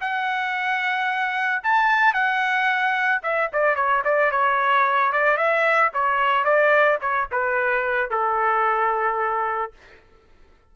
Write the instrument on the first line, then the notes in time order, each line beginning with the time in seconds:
trumpet
0.00 F#5
1.63 A5
2.13 F#5
3.23 E5
3.53 D5
3.75 C#5
4.04 D5
4.31 C#5
5.12 D5
5.37 E5
5.93 C#5
6.44 D5
7.01 C#5
7.31 B4
8.10 A4